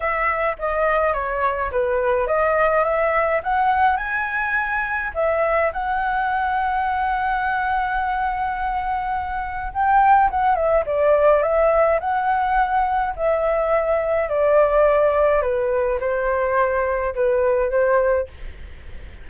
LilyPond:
\new Staff \with { instrumentName = "flute" } { \time 4/4 \tempo 4 = 105 e''4 dis''4 cis''4 b'4 | dis''4 e''4 fis''4 gis''4~ | gis''4 e''4 fis''2~ | fis''1~ |
fis''4 g''4 fis''8 e''8 d''4 | e''4 fis''2 e''4~ | e''4 d''2 b'4 | c''2 b'4 c''4 | }